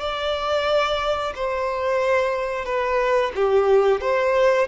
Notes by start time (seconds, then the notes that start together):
0.00 D5
1.35 C5
2.65 B4
3.35 G4
4.01 C5